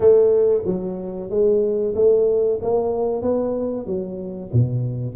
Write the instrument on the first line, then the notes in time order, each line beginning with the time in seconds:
tuba
0.00 A3
0.65 F#3
1.29 G#3
1.95 A3
2.62 A#3
3.22 B3
3.86 F#3
4.52 B2